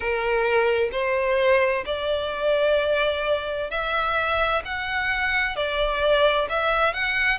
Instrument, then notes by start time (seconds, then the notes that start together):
violin
0.00 A#4
0.91 C5
1.85 D5
3.70 E5
4.64 F#5
5.56 D5
6.49 E5
6.93 F#5